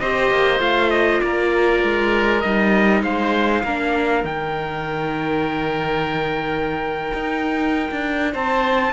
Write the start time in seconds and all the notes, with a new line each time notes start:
0.00 C4 G4 C5 D#5
0.31 A#3
0.59 A3 F4 F5
0.91 D#5
1.21 A#3 A#4 D5
1.83 G#3
2.41 G3 D#4 D#5
3.03 G#3 C5 F5
3.64 A#3 D4 A#4
4.24 D#3 D#4 G5
7.13 D#4
7.91 D4
8.32 C4 C5 A5